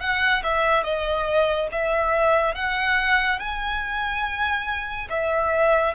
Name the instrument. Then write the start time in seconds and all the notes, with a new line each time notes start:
violin
0.00 F#5
0.43 E5
0.83 D#5
1.72 E5
2.54 F#5
3.39 G#5
5.10 E5